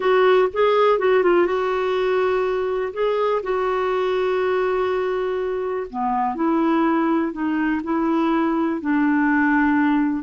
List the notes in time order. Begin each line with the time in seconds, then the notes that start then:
0.00 F#4
0.53 G#4
0.98 F#4
1.23 F4
1.46 F#4
2.93 G#4
3.43 F#4
5.89 B3
6.35 E4
7.32 D#4
7.83 E4
8.80 D4